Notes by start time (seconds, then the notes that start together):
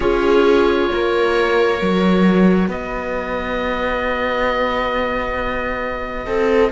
0.00 C#4 F4 G#4 C#5
0.91 A#3 A#4
1.79 F#3 F#4
2.68 B3 B4 D#5
6.26 C4 A4